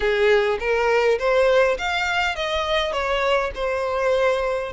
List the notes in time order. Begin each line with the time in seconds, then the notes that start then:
0.00 G#4
0.59 A#4
1.18 C5
1.78 F5
2.35 D#5
2.92 C#5
3.55 C5